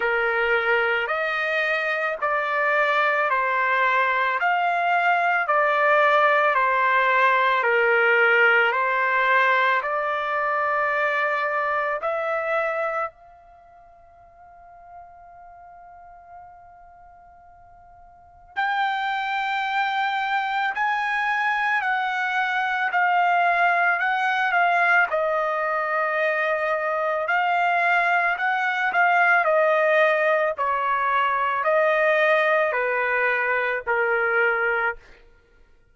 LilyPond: \new Staff \with { instrumentName = "trumpet" } { \time 4/4 \tempo 4 = 55 ais'4 dis''4 d''4 c''4 | f''4 d''4 c''4 ais'4 | c''4 d''2 e''4 | f''1~ |
f''4 g''2 gis''4 | fis''4 f''4 fis''8 f''8 dis''4~ | dis''4 f''4 fis''8 f''8 dis''4 | cis''4 dis''4 b'4 ais'4 | }